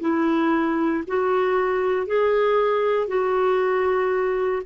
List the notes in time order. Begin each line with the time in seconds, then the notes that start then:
0.00 E4
1.07 F#4
2.06 G#4
3.07 F#4